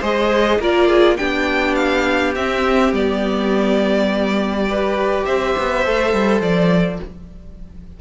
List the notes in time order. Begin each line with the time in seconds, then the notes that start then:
0.00 G#3 G#4 C5 D#5
0.59 A#3 F4 A#4 D5
0.88 G#4
1.17 B3 D4 G4 G5
1.75 F5
2.35 C4 E5
2.93 G3 B3 D5
4.68 G4 B4
5.25 C4 C5 E5
5.57 B3
5.85 A3 A4
6.13 G3
6.41 F3 D5